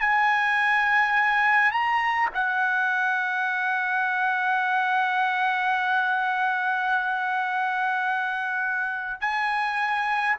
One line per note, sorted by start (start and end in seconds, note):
0.00 1.72 G#5
1.72 2.29 A#5
2.34 9.20 F#5
9.20 10.36 G#5